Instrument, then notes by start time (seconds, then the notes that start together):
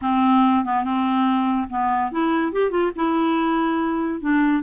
clarinet
0.01 C4
0.65 B3
0.84 C4
1.69 B3
2.11 E4
2.52 G4
2.70 F4
2.95 E4
4.21 D4